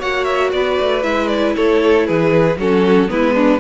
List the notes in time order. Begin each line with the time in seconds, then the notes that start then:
0.00 A#3 F#4 C#5 F#5
0.25 E5
0.53 B3 B4 D5
0.80 A3
1.03 G#3 E4 E5
1.28 D5
1.57 A3 A4 C#5
2.07 E3 G#4 B4
2.57 F#3 C#4 F#4 A4
3.08 G#3 B3 E4 B4
3.35 D4